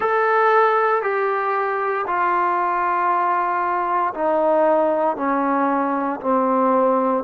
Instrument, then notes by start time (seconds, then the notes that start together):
trombone
0.00 A4
1.02 G4
2.06 F4
4.14 D#4
5.16 C#4
6.20 C4